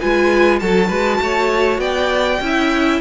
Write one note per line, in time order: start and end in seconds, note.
0.00 0.62 G#3
0.00 0.60 F4
0.00 0.61 B4
0.00 0.59 G#5
0.59 0.90 F#3
0.59 2.42 F#4
0.59 0.89 A4
0.59 1.80 A5
0.89 1.20 G#3
0.89 1.19 B4
1.22 1.79 A3
1.22 1.81 C#5
1.79 2.39 B3
1.79 2.41 D5
1.79 3.01 G5
2.40 3.01 C#4
2.40 3.01 E4
2.40 3.01 E5